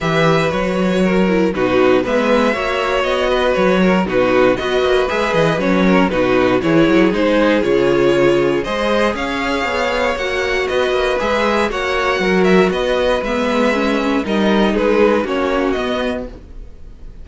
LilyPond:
<<
  \new Staff \with { instrumentName = "violin" } { \time 4/4 \tempo 4 = 118 e''4 cis''2 b'4 | e''2 dis''4 cis''4 | b'4 dis''4 e''8 dis''8 cis''4 | b'4 cis''4 c''4 cis''4~ |
cis''4 dis''4 f''2 | fis''4 dis''4 e''4 fis''4~ | fis''8 e''8 dis''4 e''2 | dis''4 b'4 cis''4 dis''4 | }
  \new Staff \with { instrumentName = "violin" } { \time 4/4 b'2 ais'4 fis'4 | b'4 cis''4. b'4 ais'8 | fis'4 b'2~ b'8 ais'8 | fis'4 gis'2.~ |
gis'4 c''4 cis''2~ | cis''4 b'2 cis''4 | ais'4 b'2. | ais'4 gis'4 fis'2 | }
  \new Staff \with { instrumentName = "viola" } { \time 4/4 g'4 fis'4. e'8 dis'4 | b4 fis'2. | dis'4 fis'4 gis'4 cis'4 | dis'4 e'4 dis'4 f'4~ |
f'4 gis'2. | fis'2 gis'4 fis'4~ | fis'2 b4 cis'4 | dis'2 cis'4 b4 | }
  \new Staff \with { instrumentName = "cello" } { \time 4/4 e4 fis2 b,4 | gis4 ais4 b4 fis4 | b,4 b8 ais8 gis8 e8 fis4 | b,4 e8 fis8 gis4 cis4~ |
cis4 gis4 cis'4 b4 | ais4 b8 ais8 gis4 ais4 | fis4 b4 gis2 | g4 gis4 ais4 b4 | }
>>